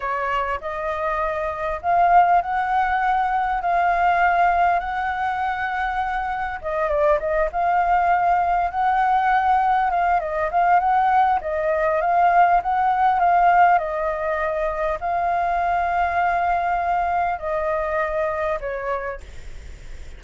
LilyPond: \new Staff \with { instrumentName = "flute" } { \time 4/4 \tempo 4 = 100 cis''4 dis''2 f''4 | fis''2 f''2 | fis''2. dis''8 d''8 | dis''8 f''2 fis''4.~ |
fis''8 f''8 dis''8 f''8 fis''4 dis''4 | f''4 fis''4 f''4 dis''4~ | dis''4 f''2.~ | f''4 dis''2 cis''4 | }